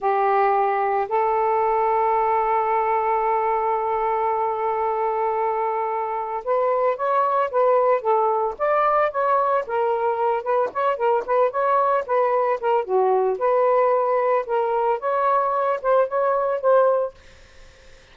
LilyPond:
\new Staff \with { instrumentName = "saxophone" } { \time 4/4 \tempo 4 = 112 g'2 a'2~ | a'1~ | a'1 | b'4 cis''4 b'4 a'4 |
d''4 cis''4 ais'4. b'8 | cis''8 ais'8 b'8 cis''4 b'4 ais'8 | fis'4 b'2 ais'4 | cis''4. c''8 cis''4 c''4 | }